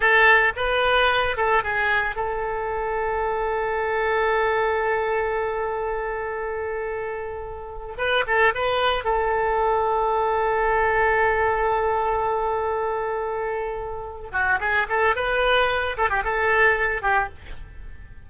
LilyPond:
\new Staff \with { instrumentName = "oboe" } { \time 4/4 \tempo 4 = 111 a'4 b'4. a'8 gis'4 | a'1~ | a'1~ | a'2~ a'8. b'8 a'8 b'16~ |
b'8. a'2.~ a'16~ | a'1~ | a'2~ a'8 fis'8 gis'8 a'8 | b'4. a'16 g'16 a'4. g'8 | }